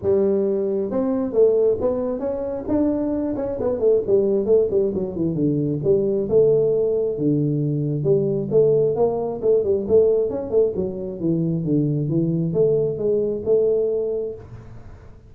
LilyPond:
\new Staff \with { instrumentName = "tuba" } { \time 4/4 \tempo 4 = 134 g2 c'4 a4 | b4 cis'4 d'4. cis'8 | b8 a8 g4 a8 g8 fis8 e8 | d4 g4 a2 |
d2 g4 a4 | ais4 a8 g8 a4 cis'8 a8 | fis4 e4 d4 e4 | a4 gis4 a2 | }